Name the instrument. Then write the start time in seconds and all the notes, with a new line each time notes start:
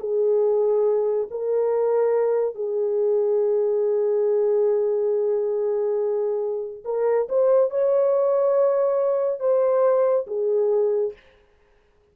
horn
0.00 G#4
1.31 A#4
2.55 G#4
6.85 A#4
7.29 C5
7.70 C#5
9.40 C5
10.27 G#4